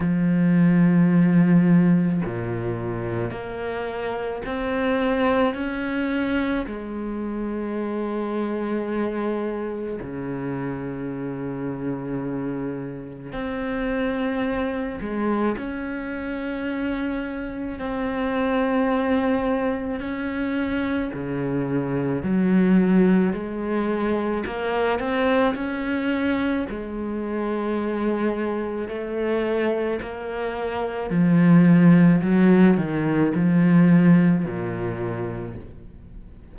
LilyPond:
\new Staff \with { instrumentName = "cello" } { \time 4/4 \tempo 4 = 54 f2 ais,4 ais4 | c'4 cis'4 gis2~ | gis4 cis2. | c'4. gis8 cis'2 |
c'2 cis'4 cis4 | fis4 gis4 ais8 c'8 cis'4 | gis2 a4 ais4 | f4 fis8 dis8 f4 ais,4 | }